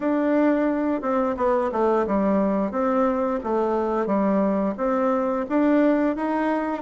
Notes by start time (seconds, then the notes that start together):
0.00 D4
1.01 C4
1.36 B3
1.71 A3
2.06 G3
2.71 C4
3.43 A3
4.06 G3
4.77 C4
5.49 D4
6.16 D#4